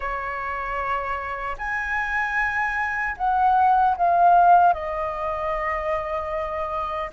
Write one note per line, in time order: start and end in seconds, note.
0.00 1.56 C#5
1.58 3.15 G#5
3.17 3.95 F#5
3.97 4.73 F5
4.73 7.10 D#5